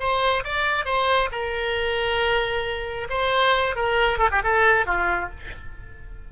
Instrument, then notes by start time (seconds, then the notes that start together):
oboe
0.00 C5
0.45 D5
0.86 C5
1.32 A#4
3.10 C5
3.76 A#4
4.19 A4
4.32 G4
4.44 A4
4.86 F4